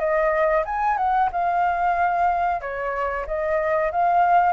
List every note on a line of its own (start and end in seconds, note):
0.00 0.65 D#5
0.65 0.98 G#5
0.98 1.30 F#5
1.33 2.62 F5
2.62 3.26 C#5
3.27 3.92 D#5
3.92 4.53 F5